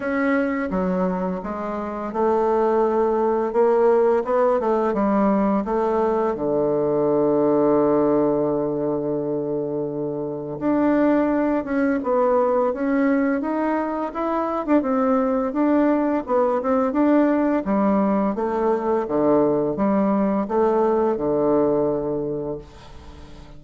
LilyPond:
\new Staff \with { instrumentName = "bassoon" } { \time 4/4 \tempo 4 = 85 cis'4 fis4 gis4 a4~ | a4 ais4 b8 a8 g4 | a4 d2.~ | d2. d'4~ |
d'8 cis'8 b4 cis'4 dis'4 | e'8. d'16 c'4 d'4 b8 c'8 | d'4 g4 a4 d4 | g4 a4 d2 | }